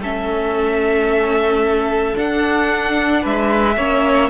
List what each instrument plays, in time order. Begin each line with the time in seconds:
0.00 cello A3, viola C#4, violin A4 E5
2.15 viola D4, cello D4, violin F#5
3.22 cello G#3, violin B4 E5
3.77 cello A#3, viola C#4, violin C#5